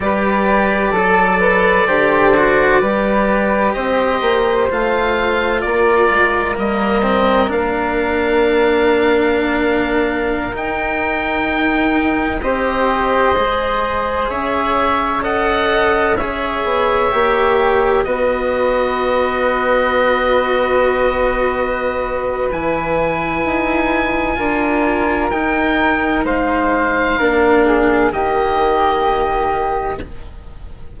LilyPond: <<
  \new Staff \with { instrumentName = "oboe" } { \time 4/4 \tempo 4 = 64 d''1 | dis''4 f''4 d''4 dis''4 | f''2.~ f''16 g''8.~ | g''4~ g''16 dis''2 e''8.~ |
e''16 fis''4 e''2 dis''8.~ | dis''1 | gis''2. g''4 | f''2 dis''2 | }
  \new Staff \with { instrumentName = "flute" } { \time 4/4 b'4 a'8 b'8 c''4 b'4 | c''2 ais'2~ | ais'1~ | ais'4~ ais'16 c''2 cis''8.~ |
cis''16 dis''4 cis''2 b'8.~ | b'1~ | b'2 ais'2 | c''4 ais'8 gis'8 g'2 | }
  \new Staff \with { instrumentName = "cello" } { \time 4/4 g'4 a'4 g'8 fis'8 g'4~ | g'4 f'2 ais8 c'8 | d'2.~ d'16 dis'8.~ | dis'4~ dis'16 g'4 gis'4.~ gis'16~ |
gis'16 a'4 gis'4 g'4 fis'8.~ | fis'1 | e'2 f'4 dis'4~ | dis'4 d'4 ais2 | }
  \new Staff \with { instrumentName = "bassoon" } { \time 4/4 g4 fis4 d4 g4 | c'8 ais8 a4 ais8 gis8 g4 | ais2.~ ais16 dis'8.~ | dis'4~ dis'16 c'4 gis4 cis'8.~ |
cis'4.~ cis'16 b8 ais4 b8.~ | b1 | e4 dis'4 d'4 dis'4 | gis4 ais4 dis2 | }
>>